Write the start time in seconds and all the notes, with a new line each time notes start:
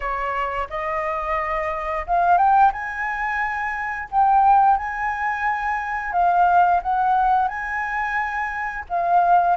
0.00 C#5
0.69 D#5
2.06 F5
2.37 G5
2.72 G#5
4.11 G5
4.77 G#5
6.12 F5
6.82 F#5
7.48 G#5
8.89 F5